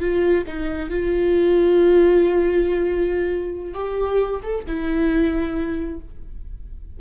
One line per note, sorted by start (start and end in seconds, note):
0.00 0.44 F4
0.47 0.90 D#4
0.90 3.74 F4
3.74 4.41 G4
4.43 4.65 A4
4.67 6.00 E4